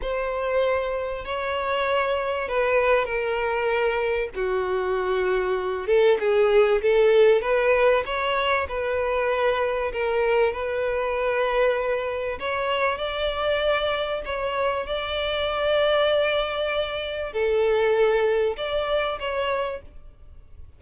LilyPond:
\new Staff \with { instrumentName = "violin" } { \time 4/4 \tempo 4 = 97 c''2 cis''2 | b'4 ais'2 fis'4~ | fis'4. a'8 gis'4 a'4 | b'4 cis''4 b'2 |
ais'4 b'2. | cis''4 d''2 cis''4 | d''1 | a'2 d''4 cis''4 | }